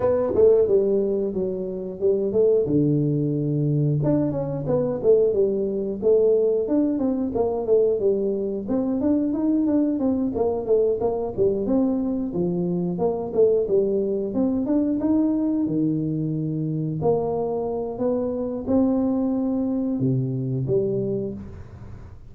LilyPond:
\new Staff \with { instrumentName = "tuba" } { \time 4/4 \tempo 4 = 90 b8 a8 g4 fis4 g8 a8 | d2 d'8 cis'8 b8 a8 | g4 a4 d'8 c'8 ais8 a8 | g4 c'8 d'8 dis'8 d'8 c'8 ais8 |
a8 ais8 g8 c'4 f4 ais8 | a8 g4 c'8 d'8 dis'4 dis8~ | dis4. ais4. b4 | c'2 c4 g4 | }